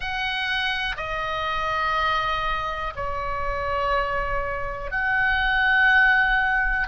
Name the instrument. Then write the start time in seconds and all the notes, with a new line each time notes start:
oboe
0.00 F#5
0.97 D#5
2.95 C#5
4.91 F#5